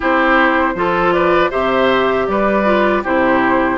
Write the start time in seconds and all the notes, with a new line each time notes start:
0.00 C4 E4 G4 C5
0.75 F3 F4 A4
1.12 B4 D5
1.50 C3 G4 C5 E5
2.27 G3 B4 D5
2.64 F4
3.03 C3 E4 G4 C5